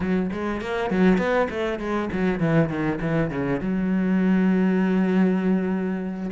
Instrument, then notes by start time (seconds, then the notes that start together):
cello
0.00 F#3
0.32 G#3
0.61 A#3
0.90 F#3
1.18 B3
1.50 A3
1.79 G#3
2.12 F#3
2.39 E3
2.69 D#3
3.01 E3
3.30 C#3
3.60 F#3